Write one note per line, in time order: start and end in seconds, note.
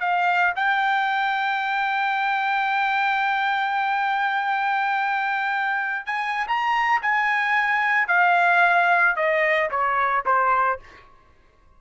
0.00 0.54 F5
0.56 6.06 G5
6.06 6.47 G#5
6.48 7.02 A#5
7.02 8.08 G#5
8.08 9.16 F5
9.16 9.70 D#5
9.71 10.25 C#5
10.26 10.80 C5